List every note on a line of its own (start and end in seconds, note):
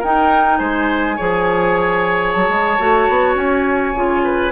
0.00 0.60 D#4
0.00 1.19 D#4
0.00 0.58 A#4
0.00 0.59 G5
0.59 1.19 G#3
0.59 1.17 C5
0.59 2.33 G#5
1.17 2.36 F3
1.17 2.79 G#4
1.17 4.23 C#5
2.33 2.49 F#3
2.33 3.35 A5
2.49 2.79 G#3
2.79 3.09 A3
2.79 3.96 F#4
3.09 3.36 B3
3.36 3.94 C#4
3.36 4.52 G#5
3.95 4.52 C#3
3.95 4.52 F4
4.24 4.52 B4